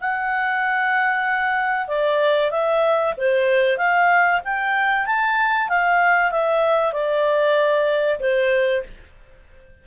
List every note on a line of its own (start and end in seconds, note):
0.00 1.87 F#5
1.87 2.50 D5
2.50 3.13 E5
3.17 3.77 C5
3.77 4.40 F5
4.44 5.06 G5
5.06 5.68 A5
5.68 6.31 F5
6.31 6.92 E5
6.92 8.19 D5
8.19 8.82 C5